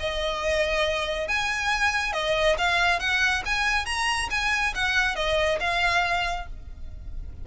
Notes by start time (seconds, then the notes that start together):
0.00 D#5
1.29 G#5
2.13 D#5
2.58 F5
3.00 F#5
3.46 G#5
3.86 A#5
4.31 G#5
4.75 F#5
5.16 D#5
5.60 F5